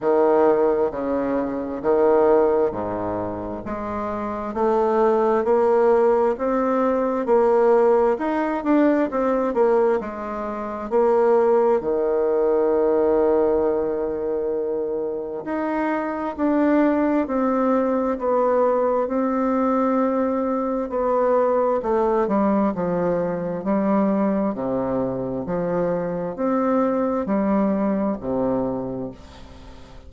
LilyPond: \new Staff \with { instrumentName = "bassoon" } { \time 4/4 \tempo 4 = 66 dis4 cis4 dis4 gis,4 | gis4 a4 ais4 c'4 | ais4 dis'8 d'8 c'8 ais8 gis4 | ais4 dis2.~ |
dis4 dis'4 d'4 c'4 | b4 c'2 b4 | a8 g8 f4 g4 c4 | f4 c'4 g4 c4 | }